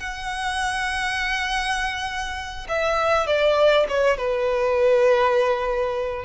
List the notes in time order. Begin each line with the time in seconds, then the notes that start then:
0.00 F#5
2.69 E5
3.27 D5
3.89 C#5
4.18 B4